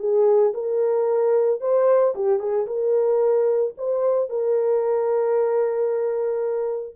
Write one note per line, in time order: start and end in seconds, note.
0.00 0.54 G#4
0.54 1.61 A#4
1.61 2.15 C5
2.15 2.40 G4
2.40 2.67 G#4
2.67 3.74 A#4
3.78 4.30 C5
4.30 6.96 A#4